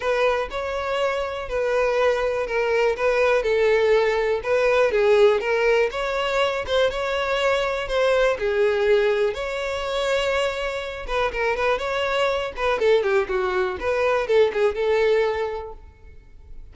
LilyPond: \new Staff \with { instrumentName = "violin" } { \time 4/4 \tempo 4 = 122 b'4 cis''2 b'4~ | b'4 ais'4 b'4 a'4~ | a'4 b'4 gis'4 ais'4 | cis''4. c''8 cis''2 |
c''4 gis'2 cis''4~ | cis''2~ cis''8 b'8 ais'8 b'8 | cis''4. b'8 a'8 g'8 fis'4 | b'4 a'8 gis'8 a'2 | }